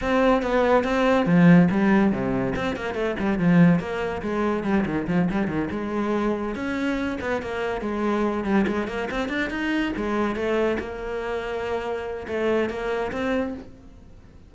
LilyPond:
\new Staff \with { instrumentName = "cello" } { \time 4/4 \tempo 4 = 142 c'4 b4 c'4 f4 | g4 c4 c'8 ais8 a8 g8 | f4 ais4 gis4 g8 dis8 | f8 g8 dis8 gis2 cis'8~ |
cis'4 b8 ais4 gis4. | g8 gis8 ais8 c'8 d'8 dis'4 gis8~ | gis8 a4 ais2~ ais8~ | ais4 a4 ais4 c'4 | }